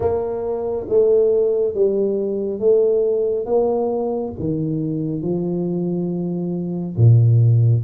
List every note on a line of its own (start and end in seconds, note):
0.00 0.86 A#3
0.88 1.74 A3
1.74 2.59 G3
2.59 3.45 A3
3.45 4.32 A#3
4.39 5.22 D#3
5.22 6.96 F3
6.96 7.83 A#2